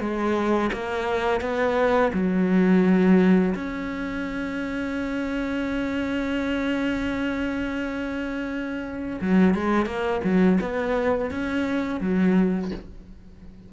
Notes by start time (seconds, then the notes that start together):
0.00 G#3
0.73 A#3
1.41 B3
2.13 F#3
3.55 C#4
9.21 F#3
9.55 G#3
9.86 A#3
10.24 F#3
10.61 B3
11.31 C#4
12.01 F#3